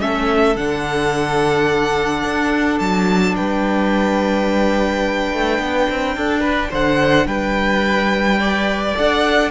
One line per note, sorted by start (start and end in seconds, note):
0.00 0.56 A3
0.00 0.56 C#4
0.00 3.36 A4
0.00 0.56 E5
0.56 2.23 D3
0.56 8.42 D4
0.56 2.79 F#5
2.23 2.79 D4
2.79 3.36 F#3
2.79 3.35 A5
3.36 5.33 G3
3.36 6.17 B4
3.36 6.72 G5
5.33 5.59 A3
5.59 5.87 B3
5.90 6.16 C4
6.16 6.72 D4
6.16 6.40 A4
6.40 6.68 B4
6.70 7.26 D3
6.70 7.27 C5
6.70 7.27 F#5
7.26 8.94 G3
7.26 8.39 B4
7.26 8.96 G5
8.39 8.95 B4
8.39 9.51 D5
8.95 9.51 D4
8.95 9.51 A4
8.95 9.51 F#5